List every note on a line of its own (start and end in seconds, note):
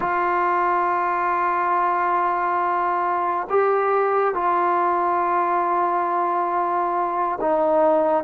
0.00 3.47 F4
3.49 4.34 G4
4.34 7.38 F4
7.40 8.24 D#4